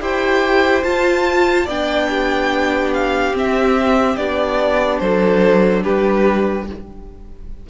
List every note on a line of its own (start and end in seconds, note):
0.00 0.84 E4
0.00 0.83 G4
0.00 1.65 C5
0.00 0.84 G5
0.84 1.68 F4
0.84 1.67 A5
1.65 3.33 B3
1.65 3.34 D4
1.65 2.07 D5
1.65 2.94 G5
2.10 5.01 G4
2.94 3.35 F5
3.33 4.17 C4
3.33 4.17 E5
4.17 5.01 B3
4.17 6.68 D4
4.17 4.99 D5
4.99 5.84 F#3
4.99 5.83 A4
4.99 5.83 C5
5.83 6.70 G3
5.83 6.66 G4
5.83 6.67 B4